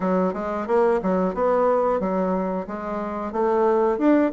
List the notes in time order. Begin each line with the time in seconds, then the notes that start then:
0.00 F#3
0.33 G#3
0.67 A#3
1.02 F#3
1.34 B3
2.00 F#3
2.67 G#3
3.32 A3
3.98 D4